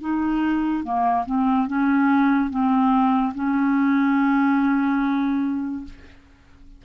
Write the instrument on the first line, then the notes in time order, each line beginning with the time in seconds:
clarinet
0.00 D#4
0.83 A#3
1.25 C4
1.67 C#4
2.50 C4
3.34 C#4